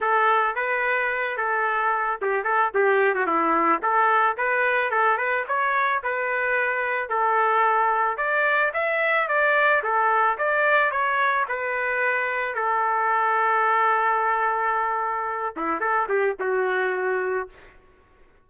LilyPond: \new Staff \with { instrumentName = "trumpet" } { \time 4/4 \tempo 4 = 110 a'4 b'4. a'4. | g'8 a'8 g'8. fis'16 e'4 a'4 | b'4 a'8 b'8 cis''4 b'4~ | b'4 a'2 d''4 |
e''4 d''4 a'4 d''4 | cis''4 b'2 a'4~ | a'1~ | a'8 e'8 a'8 g'8 fis'2 | }